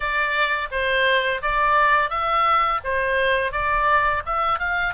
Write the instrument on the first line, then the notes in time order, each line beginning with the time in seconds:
oboe
0.00 D5
0.71 C5
1.41 D5
2.10 E5
2.84 C5
3.52 D5
4.25 E5
4.59 F5